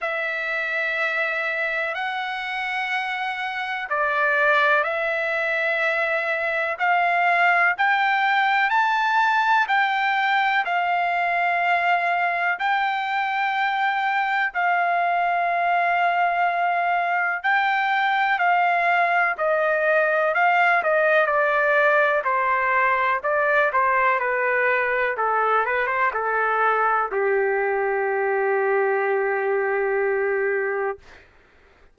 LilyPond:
\new Staff \with { instrumentName = "trumpet" } { \time 4/4 \tempo 4 = 62 e''2 fis''2 | d''4 e''2 f''4 | g''4 a''4 g''4 f''4~ | f''4 g''2 f''4~ |
f''2 g''4 f''4 | dis''4 f''8 dis''8 d''4 c''4 | d''8 c''8 b'4 a'8 b'16 c''16 a'4 | g'1 | }